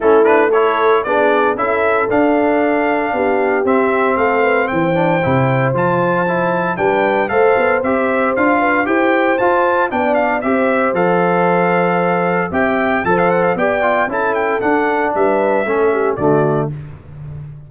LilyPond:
<<
  \new Staff \with { instrumentName = "trumpet" } { \time 4/4 \tempo 4 = 115 a'8 b'8 cis''4 d''4 e''4 | f''2. e''4 | f''4 g''2 a''4~ | a''4 g''4 f''4 e''4 |
f''4 g''4 a''4 g''8 f''8 | e''4 f''2. | g''4 a''16 f''16 fis''16 f''16 g''4 a''8 g''8 | fis''4 e''2 d''4 | }
  \new Staff \with { instrumentName = "horn" } { \time 4/4 e'4 a'4 gis'4 a'4~ | a'2 g'2 | a'8 b'8 c''2.~ | c''4 b'4 c''2~ |
c''8 b'8 c''2 d''4 | c''1 | e''4 c''4 d''4 a'4~ | a'4 b'4 a'8 g'8 fis'4 | }
  \new Staff \with { instrumentName = "trombone" } { \time 4/4 cis'8 d'8 e'4 d'4 e'4 | d'2. c'4~ | c'4. d'8 e'4 f'4 | e'4 d'4 a'4 g'4 |
f'4 g'4 f'4 d'4 | g'4 a'2. | g'4 a'4 g'8 f'8 e'4 | d'2 cis'4 a4 | }
  \new Staff \with { instrumentName = "tuba" } { \time 4/4 a2 b4 cis'4 | d'2 b4 c'4 | a4 e4 c4 f4~ | f4 g4 a8 b8 c'4 |
d'4 e'4 f'4 b4 | c'4 f2. | c'4 f4 b4 cis'4 | d'4 g4 a4 d4 | }
>>